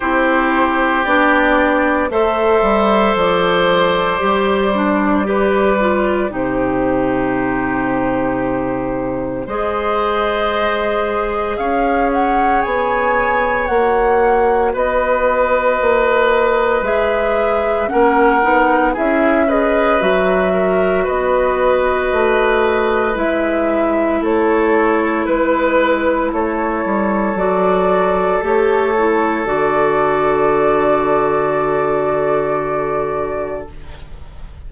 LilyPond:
<<
  \new Staff \with { instrumentName = "flute" } { \time 4/4 \tempo 4 = 57 c''4 d''4 e''4 d''4~ | d''2 c''2~ | c''4 dis''2 f''8 fis''8 | gis''4 fis''4 dis''2 |
e''4 fis''4 e''8 dis''8 e''4 | dis''2 e''4 cis''4 | b'4 cis''4 d''4 cis''4 | d''1 | }
  \new Staff \with { instrumentName = "oboe" } { \time 4/4 g'2 c''2~ | c''4 b'4 g'2~ | g'4 c''2 cis''4~ | cis''2 b'2~ |
b'4 ais'4 gis'8 b'4 ais'8 | b'2. a'4 | b'4 a'2.~ | a'1 | }
  \new Staff \with { instrumentName = "clarinet" } { \time 4/4 e'4 d'4 a'2 | g'8 d'8 g'8 f'8 dis'2~ | dis'4 gis'2.~ | gis'4 fis'2. |
gis'4 cis'8 dis'8 e'8 gis'8 fis'4~ | fis'2 e'2~ | e'2 fis'4 g'8 e'8 | fis'1 | }
  \new Staff \with { instrumentName = "bassoon" } { \time 4/4 c'4 b4 a8 g8 f4 | g2 c2~ | c4 gis2 cis'4 | b4 ais4 b4 ais4 |
gis4 ais8 b8 cis'4 fis4 | b4 a4 gis4 a4 | gis4 a8 g8 fis4 a4 | d1 | }
>>